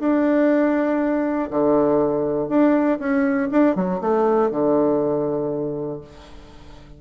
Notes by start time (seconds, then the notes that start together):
0.00 D4
1.51 D3
2.49 D4
3.00 C#4
3.52 D4
3.76 F#3
4.01 A3
4.51 D3